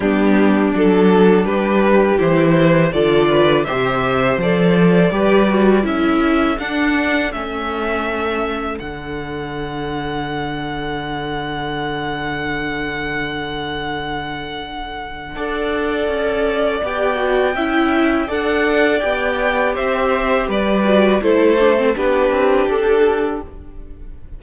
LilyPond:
<<
  \new Staff \with { instrumentName = "violin" } { \time 4/4 \tempo 4 = 82 g'4 a'4 b'4 c''4 | d''4 e''4 d''2 | e''4 fis''4 e''2 | fis''1~ |
fis''1~ | fis''2. g''4~ | g''4 fis''4 g''4 e''4 | d''4 c''4 b'4 a'4 | }
  \new Staff \with { instrumentName = "violin" } { \time 4/4 d'2 g'2 | a'8 b'8 c''2 b'4 | a'1~ | a'1~ |
a'1~ | a'4 d''2. | e''4 d''2 c''4 | b'4 a'4 g'2 | }
  \new Staff \with { instrumentName = "viola" } { \time 4/4 b4 d'2 e'4 | f'4 g'4 a'4 g'8 fis'8 | e'4 d'4 cis'2 | d'1~ |
d'1~ | d'4 a'2 g'8 fis'8 | e'4 a'4 g'2~ | g'8 fis'8 e'8 d'16 c'16 d'2 | }
  \new Staff \with { instrumentName = "cello" } { \time 4/4 g4 fis4 g4 e4 | d4 c4 f4 g4 | cis'4 d'4 a2 | d1~ |
d1~ | d4 d'4 cis'4 b4 | cis'4 d'4 b4 c'4 | g4 a4 b8 c'8 d'4 | }
>>